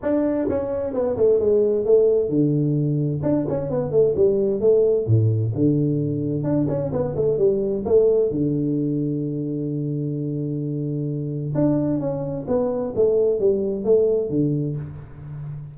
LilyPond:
\new Staff \with { instrumentName = "tuba" } { \time 4/4 \tempo 4 = 130 d'4 cis'4 b8 a8 gis4 | a4 d2 d'8 cis'8 | b8 a8 g4 a4 a,4 | d2 d'8 cis'8 b8 a8 |
g4 a4 d2~ | d1~ | d4 d'4 cis'4 b4 | a4 g4 a4 d4 | }